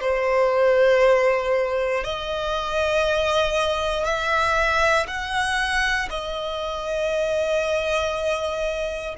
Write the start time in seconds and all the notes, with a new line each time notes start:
0.00 C5
2.03 D#5
4.04 E5
5.07 F#5
6.10 D#5